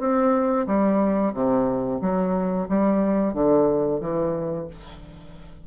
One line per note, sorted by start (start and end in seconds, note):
0.00 0.67 C4
0.67 1.34 G3
1.34 2.01 C3
2.02 2.68 F#3
2.69 3.34 G3
3.34 4.01 D3
4.01 4.68 E3